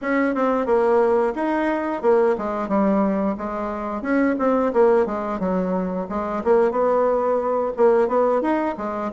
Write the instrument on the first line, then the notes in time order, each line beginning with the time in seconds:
bassoon
0.01 C#4
0.34 C4
0.66 A#3
1.35 D#4
2.02 A#3
2.38 G#3
2.68 G3
3.37 G#3
4.01 C#4
4.39 C4
4.73 A#3
5.06 G#3
5.39 F#3
6.09 G#3
6.44 A#3
6.71 B3
7.76 A#3
8.07 B3
8.41 D#4
8.77 G#3